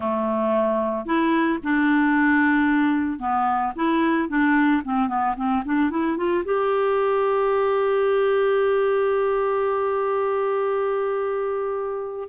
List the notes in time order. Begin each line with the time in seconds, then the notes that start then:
0.00 A3
1.05 E4
1.63 D4
3.19 B3
3.75 E4
4.29 D4
4.84 C4
5.08 B3
5.36 C4
5.65 D4
5.90 E4
6.17 F4
6.44 G4